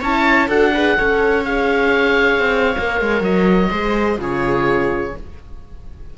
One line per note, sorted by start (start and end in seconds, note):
0.00 0.48 C#4
0.00 0.50 E4
0.00 0.48 C#5
0.00 0.50 A5
0.48 0.96 D4
0.48 0.74 F#4
0.48 0.71 A4
0.48 1.45 F#5
0.74 0.98 G#4
0.74 0.98 B4
0.98 2.39 C#4
0.98 1.45 A4
0.98 3.71 C#5
1.45 2.76 G#4
1.45 3.23 F5
2.39 2.75 C4
2.78 3.01 A#3
2.78 3.71 A#4
3.01 3.21 G#3
3.21 3.68 F#3
3.21 4.19 D#5
3.71 4.18 G#3
3.71 4.17 G#4
3.71 4.19 C5
4.17 5.13 C#3
4.17 5.12 F4
4.17 5.16 G#4
4.17 5.17 C#5